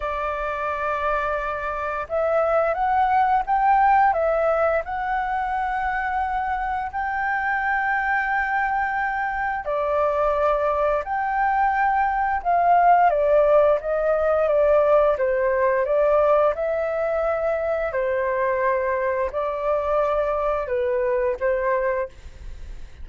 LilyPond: \new Staff \with { instrumentName = "flute" } { \time 4/4 \tempo 4 = 87 d''2. e''4 | fis''4 g''4 e''4 fis''4~ | fis''2 g''2~ | g''2 d''2 |
g''2 f''4 d''4 | dis''4 d''4 c''4 d''4 | e''2 c''2 | d''2 b'4 c''4 | }